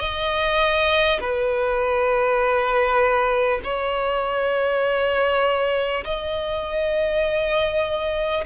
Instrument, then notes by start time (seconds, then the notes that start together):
violin
0.00 D#5
1.21 B4
3.64 C#5
6.05 D#5